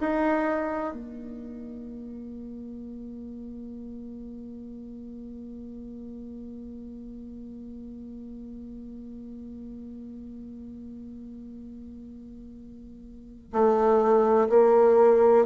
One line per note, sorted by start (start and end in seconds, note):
0.00 0.93 D#4
0.93 13.51 A#3
13.52 14.49 A3
14.49 15.46 A#3